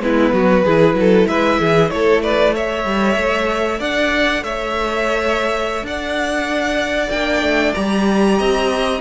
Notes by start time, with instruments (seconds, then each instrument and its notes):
0.00 cello G#3, viola B3, violin E4 B4
0.33 cello F#3, violin F#4
0.65 cello E3, viola E4, violin G#4
0.94 cello F#3
1.00 violin A4
1.27 cello G#3, violin B4 E5
1.60 cello E3, violin G#4
1.90 cello A3, violin A4 C#5
2.23 violin B4 D5
2.54 viola A4, violin C#5 E5
2.84 cello G3
3.17 cello A3
3.79 cello D4, violin D5 F#5
4.43 cello A3, violin C#5 E5
5.82 cello D4, violin D5 F#5
7.11 cello A#3, viola D4, violin G5
7.42 cello A3
7.74 cello G3, viola G4, violin A#5
8.39 cello C4, violin D#5